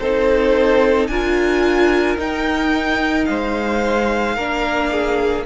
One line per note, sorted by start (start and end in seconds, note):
0.00 1.08 C4
0.00 1.11 D#4
0.00 1.10 A4
0.00 1.08 C5
1.08 2.17 D4
1.08 2.18 F4
1.08 3.29 A#4
1.08 2.17 G#5
2.18 4.36 D#4
2.18 3.28 D#4
2.18 3.25 G5
3.25 4.37 G#3
3.25 4.36 C5
3.25 5.44 F5
4.36 5.46 A#3
4.36 5.46 D4
4.36 4.90 A#4
4.92 5.46 G#4